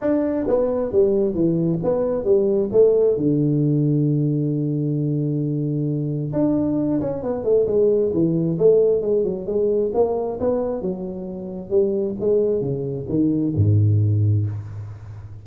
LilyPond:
\new Staff \with { instrumentName = "tuba" } { \time 4/4 \tempo 4 = 133 d'4 b4 g4 e4 | b4 g4 a4 d4~ | d1~ | d2 d'4. cis'8 |
b8 a8 gis4 e4 a4 | gis8 fis8 gis4 ais4 b4 | fis2 g4 gis4 | cis4 dis4 gis,2 | }